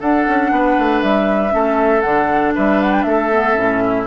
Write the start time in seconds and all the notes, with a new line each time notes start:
0.00 D4 A4 F#5
0.28 C#4
0.51 B3 B4
0.79 A3
1.02 G3 E5
1.50 A3 C#4 A4
2.01 D3 D4 F#5
2.55 G3 B4 E5
2.82 F#5
2.92 G5
3.03 A3 A4 E5
3.32 B3
3.55 A2 C#4
3.85 E4